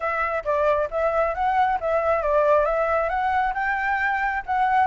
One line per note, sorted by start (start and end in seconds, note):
0.00 0.43 E5
0.44 0.88 D5
0.91 1.34 E5
1.34 1.78 F#5
1.80 2.22 E5
2.22 2.65 D5
2.65 3.09 E5
3.09 3.53 F#5
3.54 4.43 G5
4.46 4.86 F#5